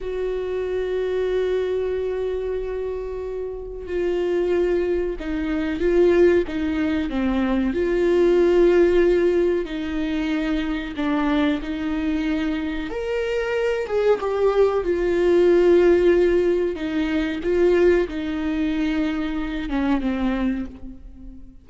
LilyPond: \new Staff \with { instrumentName = "viola" } { \time 4/4 \tempo 4 = 93 fis'1~ | fis'2 f'2 | dis'4 f'4 dis'4 c'4 | f'2. dis'4~ |
dis'4 d'4 dis'2 | ais'4. gis'8 g'4 f'4~ | f'2 dis'4 f'4 | dis'2~ dis'8 cis'8 c'4 | }